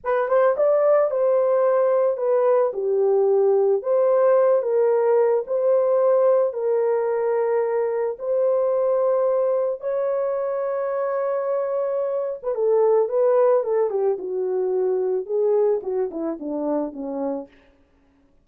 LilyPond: \new Staff \with { instrumentName = "horn" } { \time 4/4 \tempo 4 = 110 b'8 c''8 d''4 c''2 | b'4 g'2 c''4~ | c''8 ais'4. c''2 | ais'2. c''4~ |
c''2 cis''2~ | cis''2~ cis''8. b'16 a'4 | b'4 a'8 g'8 fis'2 | gis'4 fis'8 e'8 d'4 cis'4 | }